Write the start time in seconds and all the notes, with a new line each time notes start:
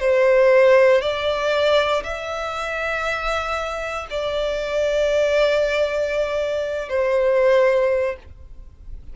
0.00 C5
1.01 D5
2.04 E5
4.10 D5
6.89 C5